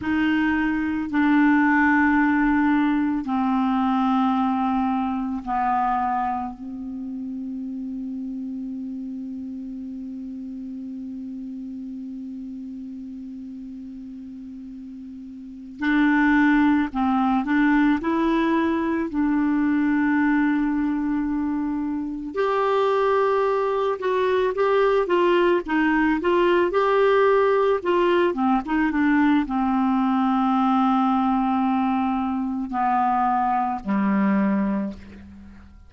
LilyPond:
\new Staff \with { instrumentName = "clarinet" } { \time 4/4 \tempo 4 = 55 dis'4 d'2 c'4~ | c'4 b4 c'2~ | c'1~ | c'2~ c'8 d'4 c'8 |
d'8 e'4 d'2~ d'8~ | d'8 g'4. fis'8 g'8 f'8 dis'8 | f'8 g'4 f'8 c'16 dis'16 d'8 c'4~ | c'2 b4 g4 | }